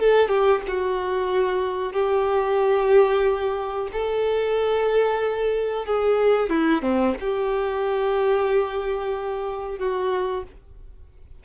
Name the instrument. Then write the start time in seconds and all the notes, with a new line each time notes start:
violin
0.00 A4
0.29 G4
0.68 F#4
1.93 G4
3.93 A4
5.86 G#4
6.50 E4
6.82 C4
7.21 G4
9.79 F#4